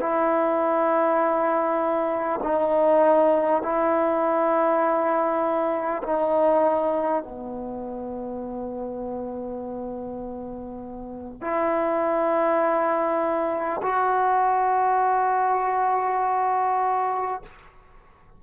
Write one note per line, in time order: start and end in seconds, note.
0.00 2.40 E4
2.43 3.62 D#4
3.62 6.02 E4
6.03 7.22 D#4
7.22 11.41 B3
11.41 13.81 E4
13.82 17.42 F#4